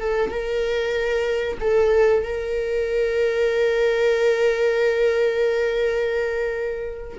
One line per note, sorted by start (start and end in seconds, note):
0.00 0.30 A4
0.30 1.58 A#4
1.60 2.23 A4
2.23 7.18 A#4